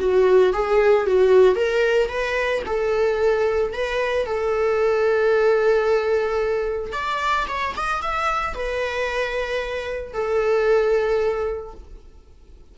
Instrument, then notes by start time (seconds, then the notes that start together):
viola
0.00 F#4
0.54 G#4
1.07 F#4
1.56 A#4
2.09 B4
2.66 A4
3.74 B4
4.26 A4
6.93 D5
7.49 C#5
7.77 D#5
8.02 E5
8.55 B4
10.14 A4